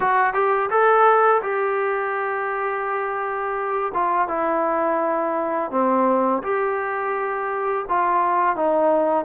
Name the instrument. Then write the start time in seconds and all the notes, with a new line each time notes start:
trombone
0.00 F#4
0.33 G4
0.70 A4
1.42 G4
3.94 F4
4.28 E4
5.70 C4
6.43 G4
7.89 F4
8.56 D#4